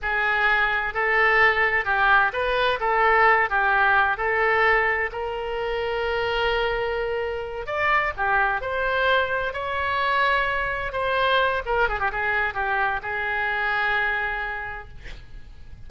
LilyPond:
\new Staff \with { instrumentName = "oboe" } { \time 4/4 \tempo 4 = 129 gis'2 a'2 | g'4 b'4 a'4. g'8~ | g'4 a'2 ais'4~ | ais'1~ |
ais'8 d''4 g'4 c''4.~ | c''8 cis''2. c''8~ | c''4 ais'8 gis'16 g'16 gis'4 g'4 | gis'1 | }